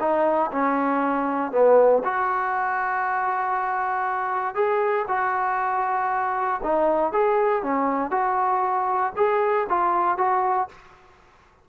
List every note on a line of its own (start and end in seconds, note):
0.00 0.51 D#4
0.52 1.52 C#4
1.52 2.02 B3
2.04 4.55 F#4
4.55 5.06 G#4
5.08 6.61 F#4
6.63 7.12 D#4
7.12 7.63 G#4
7.63 8.11 C#4
8.11 9.13 F#4
9.16 9.67 G#4
9.69 10.18 F4
10.18 10.69 F#4